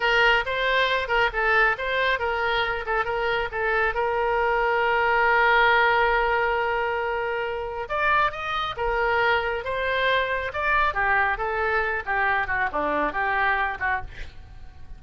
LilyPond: \new Staff \with { instrumentName = "oboe" } { \time 4/4 \tempo 4 = 137 ais'4 c''4. ais'8 a'4 | c''4 ais'4. a'8 ais'4 | a'4 ais'2.~ | ais'1~ |
ais'2 d''4 dis''4 | ais'2 c''2 | d''4 g'4 a'4. g'8~ | g'8 fis'8 d'4 g'4. fis'8 | }